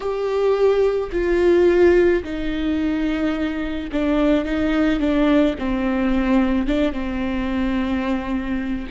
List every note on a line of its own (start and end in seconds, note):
0.00 1.10 G4
1.12 2.23 F4
2.23 3.90 D#4
3.91 4.44 D4
4.44 4.99 D#4
4.99 5.55 D4
5.58 6.66 C4
6.66 6.92 D4
6.92 8.86 C4